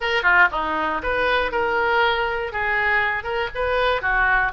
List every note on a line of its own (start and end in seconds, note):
0.00 0.23 A#4
0.23 0.48 F4
0.51 1.02 D#4
1.02 1.51 B4
1.51 2.52 A#4
2.52 3.23 G#4
3.23 3.48 A#4
3.54 4.01 B4
4.01 4.51 F#4